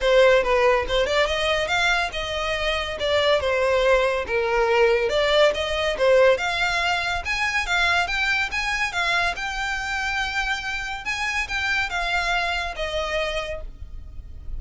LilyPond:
\new Staff \with { instrumentName = "violin" } { \time 4/4 \tempo 4 = 141 c''4 b'4 c''8 d''8 dis''4 | f''4 dis''2 d''4 | c''2 ais'2 | d''4 dis''4 c''4 f''4~ |
f''4 gis''4 f''4 g''4 | gis''4 f''4 g''2~ | g''2 gis''4 g''4 | f''2 dis''2 | }